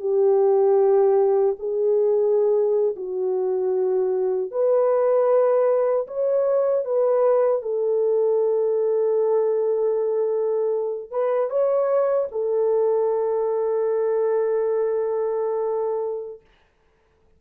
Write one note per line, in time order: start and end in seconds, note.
0.00 1.56 G4
1.60 2.96 G#4
2.96 4.52 F#4
4.52 6.07 B4
6.07 6.85 C#5
6.85 7.63 B4
7.63 11.11 A4
11.11 11.50 B4
11.50 12.28 C#5
12.32 16.41 A4